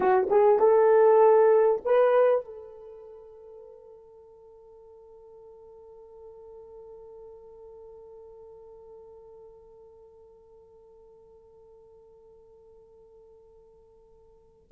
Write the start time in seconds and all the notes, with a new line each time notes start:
0.00 F#4
0.29 G#4
0.59 A4
1.85 B4
2.44 A4